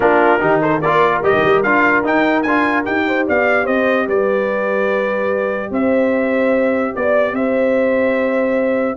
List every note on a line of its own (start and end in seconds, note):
0.00 0.41 A#3
0.00 0.39 D4
0.00 0.39 F4
0.00 0.60 A#4
0.39 0.82 D#3
0.39 0.80 D#4
0.39 0.60 G4
0.61 0.80 A4
0.61 0.81 C5
0.80 1.22 A#3
0.80 1.23 F4
0.80 3.05 A#4
0.80 1.22 D5
1.22 1.32 G3
1.22 1.64 G4
1.22 1.62 D#5
1.33 1.43 D#3
1.44 1.64 G3
1.62 2.04 D4
1.62 2.03 F4
1.62 2.03 F5
2.03 2.44 D#4
2.03 2.45 D#4
2.03 2.42 G5
2.42 2.86 D4
2.42 2.84 F4
2.42 2.83 G#5
2.84 3.28 D#4
2.84 8.96 G4
2.84 3.25 G5
3.07 3.27 C5
3.27 3.67 B3
3.27 3.64 D5
3.27 3.66 F5
3.64 4.07 C4
3.64 4.05 C5
3.64 4.07 D#5
4.07 5.71 G3
4.07 5.70 B4
4.07 5.72 D5
5.71 6.93 C4
5.71 6.93 C5
5.71 6.95 E5
6.94 7.32 B3
6.94 7.35 D5
7.32 8.95 C4
7.32 8.96 C5
7.32 8.96 E5